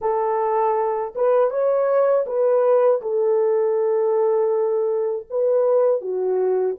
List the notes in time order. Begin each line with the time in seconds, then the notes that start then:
0.01 A4
1.15 B4
1.50 C#5
2.26 B4
3.01 A4
5.29 B4
6.01 F#4